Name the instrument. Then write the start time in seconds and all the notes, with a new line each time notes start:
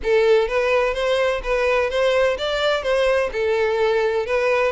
violin
0.03 A4
0.47 B4
0.94 C5
1.43 B4
1.90 C5
2.38 D5
2.82 C5
3.32 A4
4.25 B4